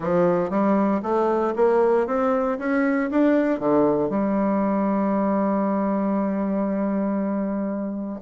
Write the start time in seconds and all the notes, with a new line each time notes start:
0.00 F3
0.50 G3
1.03 A3
1.56 A#3
2.07 C4
2.59 C#4
3.10 D4
3.59 D3
4.09 G3